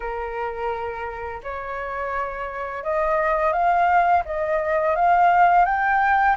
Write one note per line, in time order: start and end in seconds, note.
0.00 1.41 A#4
1.43 2.83 C#5
2.83 3.52 D#5
3.52 4.23 F5
4.25 4.95 D#5
4.95 5.65 F5
5.65 6.36 G5